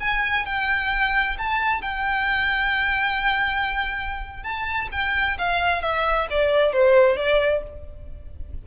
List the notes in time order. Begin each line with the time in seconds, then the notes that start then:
0.00 G#5
0.46 G5
1.38 A5
1.82 G5
4.43 A5
4.92 G5
5.38 F5
5.82 E5
6.30 D5
6.73 C5
7.17 D5